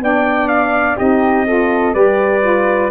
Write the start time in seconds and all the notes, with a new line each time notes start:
0.00 B3 D4 D5 G5
0.48 F5
0.97 C4 D#4 G4 D#5
1.47 F4 A4
1.93 G3 G4 B4 D5
2.41 F4